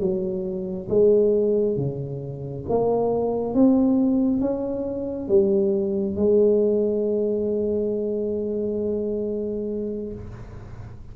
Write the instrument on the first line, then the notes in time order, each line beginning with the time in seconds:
tuba
0.00 F#3
0.89 G#3
1.77 C#3
2.70 A#3
3.55 C4
4.41 C#4
5.29 G3
6.16 G#3